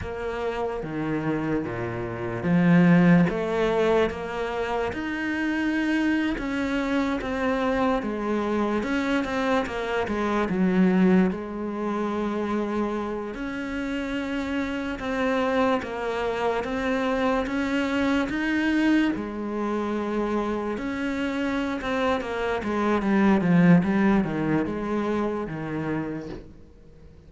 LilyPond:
\new Staff \with { instrumentName = "cello" } { \time 4/4 \tempo 4 = 73 ais4 dis4 ais,4 f4 | a4 ais4 dis'4.~ dis'16 cis'16~ | cis'8. c'4 gis4 cis'8 c'8 ais16~ | ais16 gis8 fis4 gis2~ gis16~ |
gis16 cis'2 c'4 ais8.~ | ais16 c'4 cis'4 dis'4 gis8.~ | gis4~ gis16 cis'4~ cis'16 c'8 ais8 gis8 | g8 f8 g8 dis8 gis4 dis4 | }